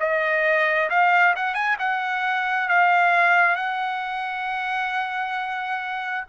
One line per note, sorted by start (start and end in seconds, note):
0.00 0.90 D#5
0.90 1.35 F5
1.36 1.54 F#5
1.54 1.76 G#5
1.79 2.69 F#5
2.69 3.56 F5
3.56 6.24 F#5